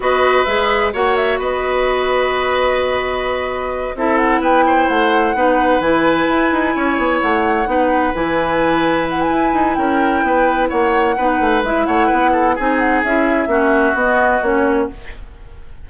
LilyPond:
<<
  \new Staff \with { instrumentName = "flute" } { \time 4/4 \tempo 4 = 129 dis''4 e''4 fis''8 e''8 dis''4~ | dis''1~ | dis''8 e''8 fis''8 g''4 fis''4.~ | fis''8 gis''2. fis''8~ |
fis''4. gis''2 fis''16 gis''16~ | gis''4 g''2 fis''4~ | fis''4 e''8 fis''4. gis''8 fis''8 | e''2 dis''4 cis''4 | }
  \new Staff \with { instrumentName = "oboe" } { \time 4/4 b'2 cis''4 b'4~ | b'1~ | b'8 a'4 b'8 c''4. b'8~ | b'2~ b'8 cis''4.~ |
cis''8 b'2.~ b'8~ | b'4 ais'4 b'4 cis''4 | b'4. cis''8 b'8 a'8 gis'4~ | gis'4 fis'2. | }
  \new Staff \with { instrumentName = "clarinet" } { \time 4/4 fis'4 gis'4 fis'2~ | fis'1~ | fis'8 e'2. dis'8~ | dis'8 e'2.~ e'8~ |
e'8 dis'4 e'2~ e'8~ | e'1 | dis'4 e'2 dis'4 | e'4 cis'4 b4 cis'4 | }
  \new Staff \with { instrumentName = "bassoon" } { \time 4/4 b4 gis4 ais4 b4~ | b1~ | b8 c'4 b4 a4 b8~ | b8 e4 e'8 dis'8 cis'8 b8 a8~ |
a8 b4 e2~ e8 | e'8 dis'8 cis'4 b4 ais4 | b8 a8 gis8 a8 b4 c'4 | cis'4 ais4 b4 ais4 | }
>>